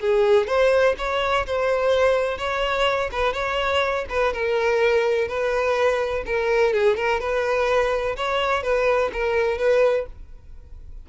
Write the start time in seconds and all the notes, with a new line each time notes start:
0.00 G#4
0.47 C5
0.98 C#5
1.46 C5
2.38 C#5
3.11 B4
3.33 C#5
4.09 B4
4.33 A#4
5.28 B4
6.26 A#4
6.73 G#4
6.96 A#4
7.20 B4
8.16 C#5
8.62 B4
9.12 A#4
9.58 B4